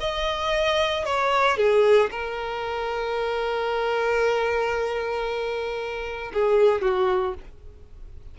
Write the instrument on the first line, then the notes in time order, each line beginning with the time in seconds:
violin
0.00 D#5
1.05 C#5
1.57 G#4
2.11 A#4
6.33 G#4
6.82 F#4